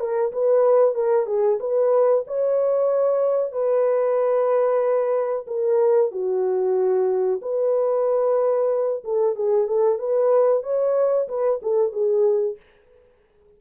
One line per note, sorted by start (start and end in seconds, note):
0.00 0.32 A#4
0.32 0.95 B4
0.95 1.26 A#4
1.26 1.59 G#4
1.60 2.25 B4
2.27 3.52 C#5
3.52 5.46 B4
5.47 6.11 A#4
6.12 7.41 F#4
7.42 9.03 B4
9.04 9.35 A4
9.35 9.68 G#4
9.68 9.99 A4
9.99 10.63 B4
10.63 11.28 C#5
11.28 11.60 B4
11.62 11.92 A4
11.92 12.57 G#4